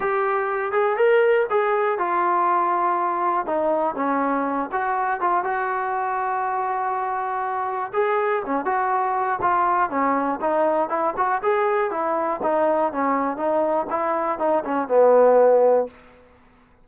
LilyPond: \new Staff \with { instrumentName = "trombone" } { \time 4/4 \tempo 4 = 121 g'4. gis'8 ais'4 gis'4 | f'2. dis'4 | cis'4. fis'4 f'8 fis'4~ | fis'1 |
gis'4 cis'8 fis'4. f'4 | cis'4 dis'4 e'8 fis'8 gis'4 | e'4 dis'4 cis'4 dis'4 | e'4 dis'8 cis'8 b2 | }